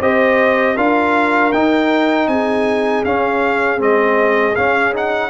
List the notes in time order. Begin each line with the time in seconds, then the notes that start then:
0.00 C4 G4 C5 D#5
0.76 D4 F4 A#4 F5
1.53 D#4 G5
2.28 C4 G#4 G#5
3.04 C#4 F5
3.79 G#3 C4 D#5
4.56 C#4 F5
4.93 D#4 F#5